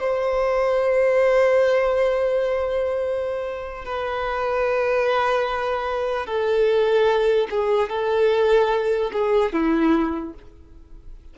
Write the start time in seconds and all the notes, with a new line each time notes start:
0.00 C5
3.85 B4
6.26 A4
7.50 G#4
7.89 A4
9.13 G#4
9.53 E4